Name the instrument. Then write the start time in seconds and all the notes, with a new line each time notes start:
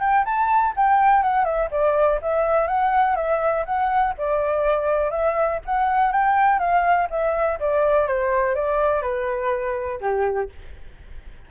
flute
0.00 G5
0.25 A5
0.76 G5
1.22 F#5
1.44 E5
1.71 D5
2.22 E5
2.67 F#5
3.16 E5
3.65 F#5
4.18 D5
5.10 E5
5.65 F#5
6.12 G5
6.59 F5
7.10 E5
7.60 D5
8.07 C5
8.55 D5
9.02 B4
10.00 G4